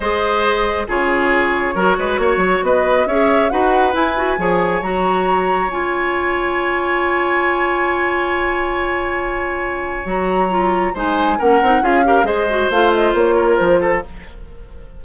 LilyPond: <<
  \new Staff \with { instrumentName = "flute" } { \time 4/4 \tempo 4 = 137 dis''2 cis''2~ | cis''2 dis''4 e''4 | fis''4 gis''2 ais''4~ | ais''4 gis''2.~ |
gis''1~ | gis''2. ais''4~ | ais''4 gis''4 fis''4 f''4 | dis''4 f''8 dis''8 cis''4 c''4 | }
  \new Staff \with { instrumentName = "oboe" } { \time 4/4 c''2 gis'2 | ais'8 b'8 cis''4 b'4 cis''4 | b'2 cis''2~ | cis''1~ |
cis''1~ | cis''1~ | cis''4 c''4 ais'4 gis'8 ais'8 | c''2~ c''8 ais'4 a'8 | }
  \new Staff \with { instrumentName = "clarinet" } { \time 4/4 gis'2 f'2 | fis'2. gis'4 | fis'4 e'8 fis'8 gis'4 fis'4~ | fis'4 f'2.~ |
f'1~ | f'2. fis'4 | f'4 dis'4 cis'8 dis'8 f'8 g'8 | gis'8 fis'8 f'2. | }
  \new Staff \with { instrumentName = "bassoon" } { \time 4/4 gis2 cis2 | fis8 gis8 ais8 fis8 b4 cis'4 | dis'4 e'4 f4 fis4~ | fis4 cis'2.~ |
cis'1~ | cis'2. fis4~ | fis4 gis4 ais8 c'8 cis'4 | gis4 a4 ais4 f4 | }
>>